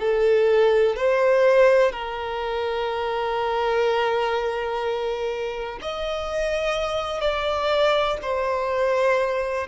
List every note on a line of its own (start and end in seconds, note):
0.00 0.96 A4
0.96 1.93 C5
1.93 5.80 A#4
5.82 7.21 D#5
7.21 8.18 D5
8.22 9.67 C5